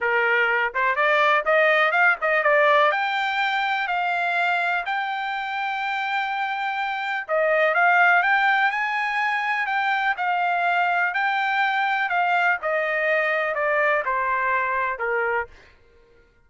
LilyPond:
\new Staff \with { instrumentName = "trumpet" } { \time 4/4 \tempo 4 = 124 ais'4. c''8 d''4 dis''4 | f''8 dis''8 d''4 g''2 | f''2 g''2~ | g''2. dis''4 |
f''4 g''4 gis''2 | g''4 f''2 g''4~ | g''4 f''4 dis''2 | d''4 c''2 ais'4 | }